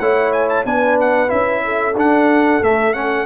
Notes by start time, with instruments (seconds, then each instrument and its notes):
0.00 tuba A3, trombone E4, horn C#5, trumpet F#5
0.33 trumpet G#5
0.50 trumpet A5
0.65 tuba B3, trombone D4, horn B4, trumpet G#5
1.01 trumpet F#5
1.28 tuba C#4, trombone E4, trumpet E5
1.65 horn A4
1.95 tuba D4, trombone D4, trumpet F#5
2.63 trombone A3, tuba A3, trumpet E5
2.94 trombone C#4, trumpet F#5